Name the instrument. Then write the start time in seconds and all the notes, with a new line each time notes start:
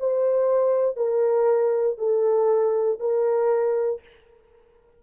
horn
0.00 C5
0.97 A#4
1.98 A4
3.00 A#4